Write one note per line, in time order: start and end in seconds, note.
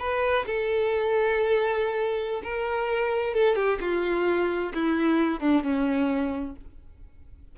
0.00 0.46 B4
0.47 2.43 A4
2.44 3.35 A#4
3.35 3.56 A4
3.56 3.79 G4
3.81 4.73 F4
4.75 5.41 E4
5.41 5.64 D4
5.64 6.56 C#4